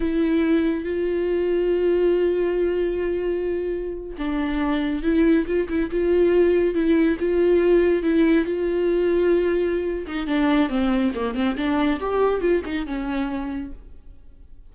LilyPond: \new Staff \with { instrumentName = "viola" } { \time 4/4 \tempo 4 = 140 e'2 f'2~ | f'1~ | f'4.~ f'16 d'2 e'16~ | e'8. f'8 e'8 f'2 e'16~ |
e'8. f'2 e'4 f'16~ | f'2.~ f'8 dis'8 | d'4 c'4 ais8 c'8 d'4 | g'4 f'8 dis'8 cis'2 | }